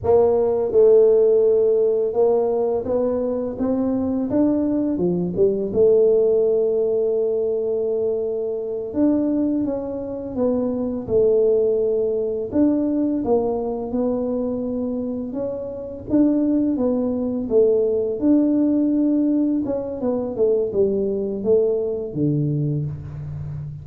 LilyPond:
\new Staff \with { instrumentName = "tuba" } { \time 4/4 \tempo 4 = 84 ais4 a2 ais4 | b4 c'4 d'4 f8 g8 | a1~ | a8 d'4 cis'4 b4 a8~ |
a4. d'4 ais4 b8~ | b4. cis'4 d'4 b8~ | b8 a4 d'2 cis'8 | b8 a8 g4 a4 d4 | }